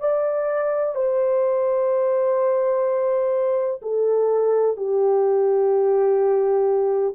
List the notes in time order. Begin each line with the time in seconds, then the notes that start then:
0.00 D5
0.95 C5
3.82 A4
4.77 G4